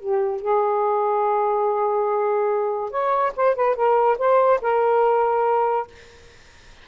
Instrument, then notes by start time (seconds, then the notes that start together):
saxophone
0.00 G4
0.41 G#4
2.91 C#5
3.36 C5
3.56 B4
3.76 A#4
4.18 C5
4.62 A#4